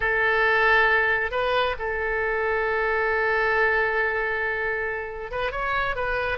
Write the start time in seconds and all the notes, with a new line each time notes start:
0.00 A4
1.31 B4
1.78 A4
5.31 B4
5.51 C#5
5.95 B4